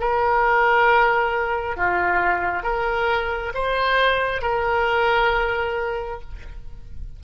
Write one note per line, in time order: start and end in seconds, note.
0.00 1.77 A#4
1.77 2.63 F4
2.63 3.53 A#4
3.55 4.42 C5
4.42 6.21 A#4